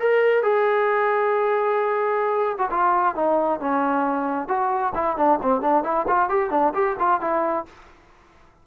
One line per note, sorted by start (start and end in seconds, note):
0.00 0.43 A#4
0.43 2.58 G#4
2.59 2.70 F#4
2.71 3.16 F4
3.16 3.60 D#4
3.60 4.48 C#4
4.48 4.94 F#4
4.95 5.17 E4
5.17 5.40 D4
5.43 5.62 C4
5.62 5.84 D4
5.84 6.07 E4
6.08 6.30 F4
6.30 6.51 G4
6.51 6.74 D4
6.74 6.97 G4
7.00 7.21 F4
7.21 7.66 E4